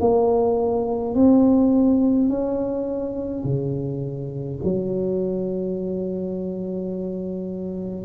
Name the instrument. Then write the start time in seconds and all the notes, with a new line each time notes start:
tuba
0.00 A#3
1.14 C4
2.29 C#4
3.44 C#3
4.64 F#3